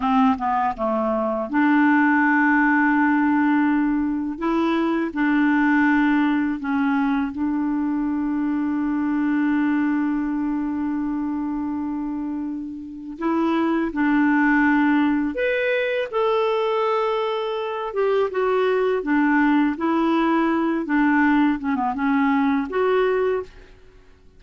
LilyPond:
\new Staff \with { instrumentName = "clarinet" } { \time 4/4 \tempo 4 = 82 c'8 b8 a4 d'2~ | d'2 e'4 d'4~ | d'4 cis'4 d'2~ | d'1~ |
d'2 e'4 d'4~ | d'4 b'4 a'2~ | a'8 g'8 fis'4 d'4 e'4~ | e'8 d'4 cis'16 b16 cis'4 fis'4 | }